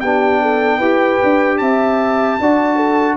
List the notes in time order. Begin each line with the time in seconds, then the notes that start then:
0.00 B3 D4 G4 G5
0.41 A4
0.77 E4 G4 B4
1.23 D4
1.58 C4 E5 A5
2.39 D4 F#4 D5
2.76 A4